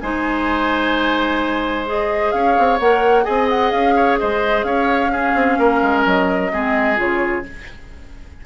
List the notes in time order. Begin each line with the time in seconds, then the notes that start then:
0.00 G#3 D#4 C5 G#5
1.85 G#4 D#5
2.31 C#4 C#5 F5
2.58 C4
2.79 A#3 A#4 F#5
3.23 C4 G#4 D#5 G#5
3.49 F#5
3.70 C#4 F5
3.96 C#5
4.19 G#3 C5 D#5
4.63 C#4 C#5 F5
5.11 C#4 G#4
5.34 C4
5.58 A#3 A#4
5.82 G#3
6.05 F#3 D#5
6.52 G#3 C4 G#4
6.95 C#3 F4 C#5